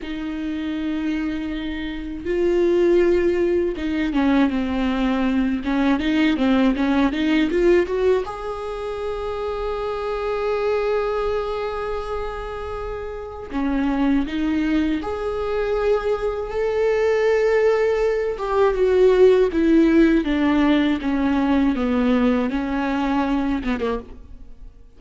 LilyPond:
\new Staff \with { instrumentName = "viola" } { \time 4/4 \tempo 4 = 80 dis'2. f'4~ | f'4 dis'8 cis'8 c'4. cis'8 | dis'8 c'8 cis'8 dis'8 f'8 fis'8 gis'4~ | gis'1~ |
gis'2 cis'4 dis'4 | gis'2 a'2~ | a'8 g'8 fis'4 e'4 d'4 | cis'4 b4 cis'4. b16 ais16 | }